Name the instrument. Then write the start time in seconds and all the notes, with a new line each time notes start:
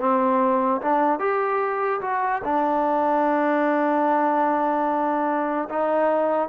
trombone
0.00 C4
0.82 D4
1.20 G4
2.01 F#4
2.44 D4
5.69 D#4